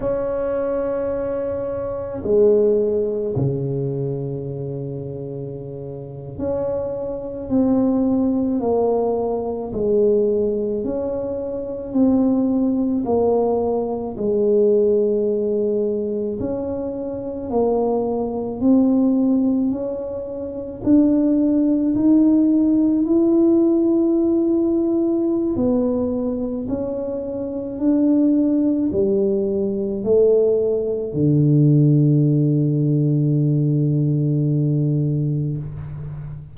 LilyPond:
\new Staff \with { instrumentName = "tuba" } { \time 4/4 \tempo 4 = 54 cis'2 gis4 cis4~ | cis4.~ cis16 cis'4 c'4 ais16~ | ais8. gis4 cis'4 c'4 ais16~ | ais8. gis2 cis'4 ais16~ |
ais8. c'4 cis'4 d'4 dis'16~ | dis'8. e'2~ e'16 b4 | cis'4 d'4 g4 a4 | d1 | }